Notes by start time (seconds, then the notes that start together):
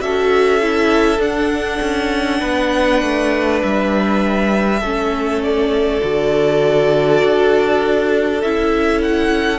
0.00 C#4 F#4 A4 E5
0.61 E4
1.19 D4 F#5
1.81 C#4
2.40 B3 B4
3.02 A3
3.62 G3 E5
4.80 A3 C#4 A4
5.43 D5
6.01 D3 F#4
7.24 D4
8.42 C#4 E4 E5
9.02 F#5